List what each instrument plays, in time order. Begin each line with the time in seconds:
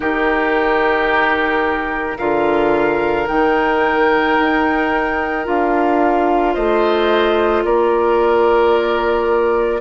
0.00 bassoon D#3, clarinet D#4, oboe G4, flute A#4
2.18 bassoon D3, clarinet F4, oboe A#4, flute F5
3.26 bassoon D#3, clarinet D#4, flute G5
4.39 bassoon D#4
5.43 bassoon D4, clarinet F4, flute F5
6.53 bassoon A3, oboe C5, flute D#5
7.64 bassoon A#3, oboe A#4, flute D5